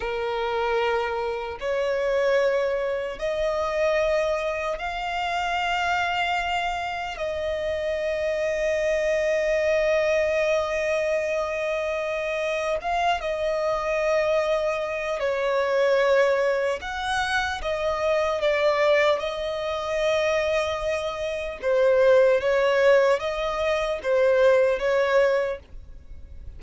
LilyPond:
\new Staff \with { instrumentName = "violin" } { \time 4/4 \tempo 4 = 75 ais'2 cis''2 | dis''2 f''2~ | f''4 dis''2.~ | dis''1 |
f''8 dis''2~ dis''8 cis''4~ | cis''4 fis''4 dis''4 d''4 | dis''2. c''4 | cis''4 dis''4 c''4 cis''4 | }